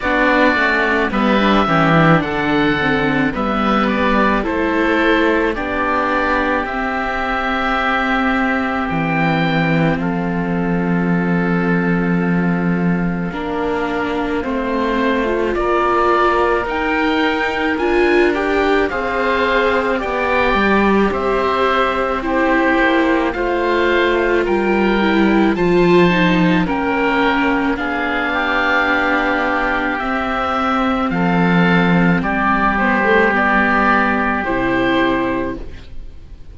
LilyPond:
<<
  \new Staff \with { instrumentName = "oboe" } { \time 4/4 \tempo 4 = 54 d''4 e''4 fis''4 e''8 d''8 | c''4 d''4 e''2 | g''4 f''2.~ | f''2 d''4 g''4 |
gis''8 g''8 f''4 g''4 e''4 | c''4 f''4 g''4 a''4 | g''4 f''2 e''4 | f''4 d''8 c''8 d''4 c''4 | }
  \new Staff \with { instrumentName = "oboe" } { \time 4/4 fis'4 b'8 g'8 a'4 b'4 | a'4 g'2.~ | g'4 a'2. | ais'4 c''4 ais'2~ |
ais'4 c''4 d''4 c''4 | g'4 c''4 ais'4 c''4 | ais'4 gis'8 g'2~ g'8 | a'4 g'2. | }
  \new Staff \with { instrumentName = "viola" } { \time 4/4 d'8 cis'8 b16 d'16 cis'16 d'8. c'8 b4 | e'4 d'4 c'2~ | c'1 | d'4 c'8. f'4~ f'16 dis'4 |
f'8 g'8 gis'4 g'2 | e'4 f'4. e'8 f'8 dis'8 | cis'4 d'2 c'4~ | c'4. b16 a16 b4 e'4 | }
  \new Staff \with { instrumentName = "cello" } { \time 4/4 b8 a8 g8 e8 d4 g4 | a4 b4 c'2 | e4 f2. | ais4 a4 ais4 dis'4 |
d'4 c'4 b8 g8 c'4~ | c'8 ais8 a4 g4 f4 | ais4 b2 c'4 | f4 g2 c4 | }
>>